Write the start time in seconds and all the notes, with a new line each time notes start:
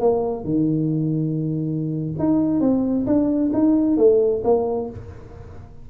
0.00 A#3
0.44 D#3
2.19 D#4
2.61 C4
3.06 D4
3.53 D#4
3.97 A3
4.44 A#3